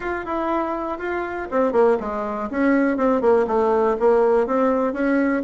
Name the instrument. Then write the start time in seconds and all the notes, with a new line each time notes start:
bassoon
0.00 F4
0.25 E4
0.98 F4
1.50 C4
1.72 A#3
2.00 G#3
2.50 C#4
2.97 C4
3.21 A#3
3.47 A3
3.99 A#3
4.47 C4
4.93 C#4